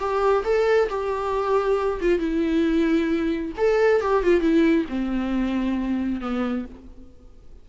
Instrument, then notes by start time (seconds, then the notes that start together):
viola
0.00 G4
0.45 A4
0.90 G4
2.02 F4
2.19 E4
3.58 A4
4.02 G4
4.24 F4
4.41 E4
4.89 C4
6.21 B3